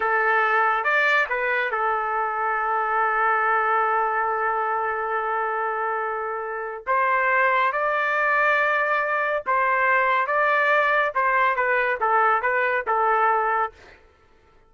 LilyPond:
\new Staff \with { instrumentName = "trumpet" } { \time 4/4 \tempo 4 = 140 a'2 d''4 b'4 | a'1~ | a'1~ | a'1 |
c''2 d''2~ | d''2 c''2 | d''2 c''4 b'4 | a'4 b'4 a'2 | }